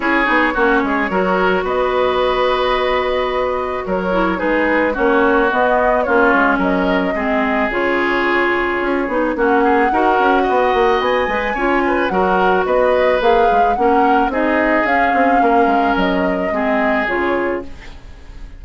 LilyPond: <<
  \new Staff \with { instrumentName = "flute" } { \time 4/4 \tempo 4 = 109 cis''2. dis''4~ | dis''2. cis''4 | b'4 cis''4 dis''4 cis''4 | dis''2 cis''2~ |
cis''4 fis''2. | gis''2 fis''4 dis''4 | f''4 fis''4 dis''4 f''4~ | f''4 dis''2 cis''4 | }
  \new Staff \with { instrumentName = "oboe" } { \time 4/4 gis'4 fis'8 gis'8 ais'4 b'4~ | b'2. ais'4 | gis'4 fis'2 f'4 | ais'4 gis'2.~ |
gis'4 fis'8 gis'8 ais'4 dis''4~ | dis''4 cis''8 b'8 ais'4 b'4~ | b'4 ais'4 gis'2 | ais'2 gis'2 | }
  \new Staff \with { instrumentName = "clarinet" } { \time 4/4 e'8 dis'8 cis'4 fis'2~ | fis'2.~ fis'8 e'8 | dis'4 cis'4 b4 cis'4~ | cis'4 c'4 f'2~ |
f'8 dis'8 cis'4 fis'2~ | fis'8 b'8 f'4 fis'2 | gis'4 cis'4 dis'4 cis'4~ | cis'2 c'4 f'4 | }
  \new Staff \with { instrumentName = "bassoon" } { \time 4/4 cis'8 b8 ais8 gis8 fis4 b4~ | b2. fis4 | gis4 ais4 b4 ais8 gis8 | fis4 gis4 cis2 |
cis'8 b8 ais4 dis'8 cis'8 b8 ais8 | b8 gis8 cis'4 fis4 b4 | ais8 gis8 ais4 c'4 cis'8 c'8 | ais8 gis8 fis4 gis4 cis4 | }
>>